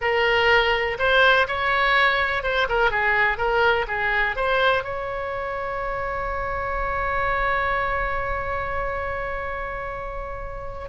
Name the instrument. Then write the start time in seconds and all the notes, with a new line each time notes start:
oboe
0.01 A#4
0.98 C5
1.47 C#5
2.43 C5
2.69 A#4
2.90 G#4
3.37 A#4
3.87 G#4
4.36 C5
4.83 C#5